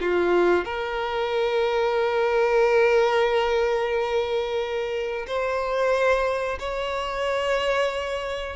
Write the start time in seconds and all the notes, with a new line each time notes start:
0.00 F4
0.64 A#4
5.27 C5
6.59 C#5